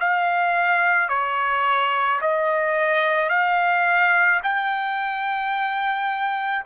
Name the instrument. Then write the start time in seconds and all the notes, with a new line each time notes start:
trumpet
0.00 F5
1.09 C#5
2.21 D#5
3.29 F5
4.43 G5